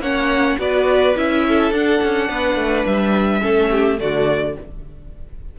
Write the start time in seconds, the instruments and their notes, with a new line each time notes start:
0.00 cello A#3, viola C#4, violin C#5 F#5
0.58 cello B3, viola F#4, violin B4 D5
1.16 cello C#4, viola E4, violin E5
1.48 violin A4
1.71 cello D4, viola D4, violin F#5
2.03 cello C#4
2.28 cello B3, violin B4
2.56 cello A3
2.86 cello G3, violin E5
3.41 cello A3, viola C#4, violin A4
3.71 violin G4
3.98 cello D3, viola A3, violin F#4 D5